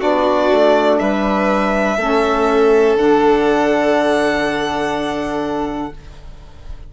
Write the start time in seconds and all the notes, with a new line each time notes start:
0.00 B3 D4 F#4 D5
0.51 A3
0.99 G3 B4 E5
1.97 A3 C#4 A4
2.96 D3 D4 F#5